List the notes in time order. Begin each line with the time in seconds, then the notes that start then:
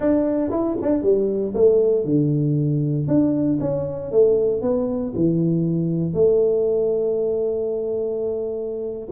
0.00 D4
0.51 E4
0.81 D4
1.02 G3
1.54 A3
2.05 D3
3.07 D4
3.60 C#4
4.11 A3
4.61 B3
5.15 E3
6.13 A3